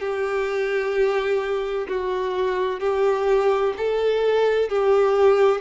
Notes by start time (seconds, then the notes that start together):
0.00 G4
1.88 F#4
2.80 G4
3.77 A4
4.70 G4